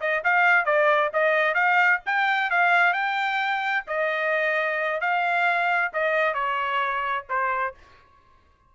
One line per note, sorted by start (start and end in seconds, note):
0.00 0.23 D#5
0.24 0.65 F5
0.65 1.10 D5
1.13 1.54 D#5
1.54 2.00 F5
2.06 2.50 G5
2.50 2.93 F5
2.93 3.84 G5
3.87 5.00 D#5
5.01 5.92 F5
5.93 6.34 D#5
6.34 7.25 C#5
7.29 7.74 C5